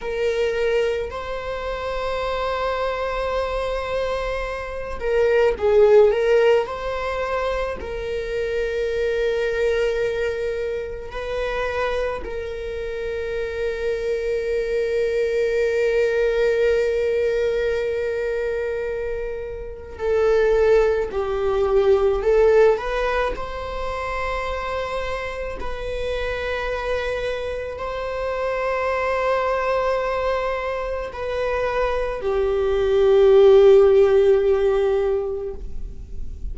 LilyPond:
\new Staff \with { instrumentName = "viola" } { \time 4/4 \tempo 4 = 54 ais'4 c''2.~ | c''8 ais'8 gis'8 ais'8 c''4 ais'4~ | ais'2 b'4 ais'4~ | ais'1~ |
ais'2 a'4 g'4 | a'8 b'8 c''2 b'4~ | b'4 c''2. | b'4 g'2. | }